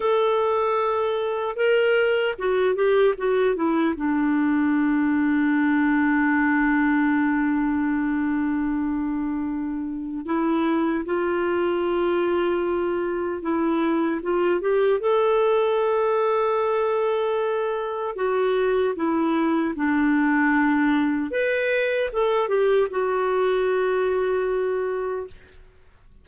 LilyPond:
\new Staff \with { instrumentName = "clarinet" } { \time 4/4 \tempo 4 = 76 a'2 ais'4 fis'8 g'8 | fis'8 e'8 d'2.~ | d'1~ | d'4 e'4 f'2~ |
f'4 e'4 f'8 g'8 a'4~ | a'2. fis'4 | e'4 d'2 b'4 | a'8 g'8 fis'2. | }